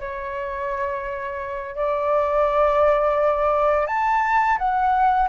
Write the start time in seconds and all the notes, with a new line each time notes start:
0.00 C#5
1.76 D5
3.87 A5
4.58 F#5